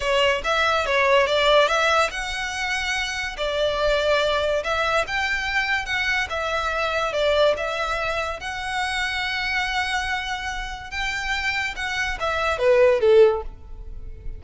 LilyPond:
\new Staff \with { instrumentName = "violin" } { \time 4/4 \tempo 4 = 143 cis''4 e''4 cis''4 d''4 | e''4 fis''2. | d''2. e''4 | g''2 fis''4 e''4~ |
e''4 d''4 e''2 | fis''1~ | fis''2 g''2 | fis''4 e''4 b'4 a'4 | }